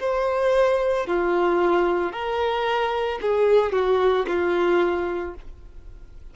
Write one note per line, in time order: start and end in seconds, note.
0.00 1.07 C5
1.07 2.12 F4
2.12 3.19 A#4
3.22 3.73 G#4
3.73 4.26 F#4
4.28 5.35 F4